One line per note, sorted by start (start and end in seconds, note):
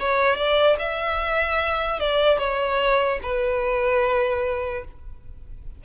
0.00 0.36 C#5
0.36 0.77 D5
0.79 2.00 E5
2.00 2.38 D5
2.38 3.20 C#5
3.22 4.85 B4